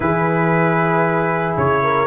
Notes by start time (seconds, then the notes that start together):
0.00 E3 E4 G#4 B4
1.56 C#3 C#5
1.83 A#4